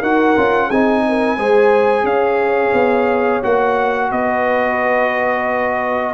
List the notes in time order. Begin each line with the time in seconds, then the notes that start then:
0.00 D#4 F#4 A#4 F#5
0.37 C#4 F4
0.67 C4 D#4 G#4 G#5
1.09 A#4
1.36 G#3 G#4 C5
2.04 C#4 C#5 F5
2.73 B3
3.43 A#3 F#4 F#5
4.11 B3 B4 D#5